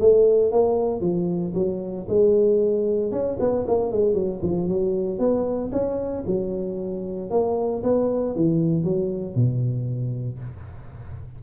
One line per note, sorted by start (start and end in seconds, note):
0.00 0.52 A3
0.52 1.01 A#3
1.01 1.53 F3
1.55 2.07 F#3
2.08 3.12 G#3
3.12 3.38 C#4
3.40 3.66 B3
3.67 3.92 A#3
3.92 4.14 G#3
4.14 4.40 F#3
4.43 4.68 F3
4.68 5.19 F#3
5.19 5.71 B3
5.72 6.24 C#4
6.27 7.30 F#3
7.30 7.83 A#3
7.83 8.35 B3
8.35 8.84 E3
8.84 9.35 F#3
9.35 10.39 B2